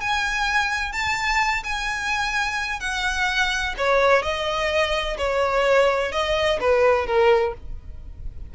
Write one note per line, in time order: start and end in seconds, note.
0.00 0.92 G#5
0.92 1.63 A5
1.63 2.80 G#5
2.80 3.74 F#5
3.77 4.22 C#5
4.22 5.17 D#5
5.17 6.12 C#5
6.12 6.59 D#5
6.60 7.06 B4
7.06 7.53 A#4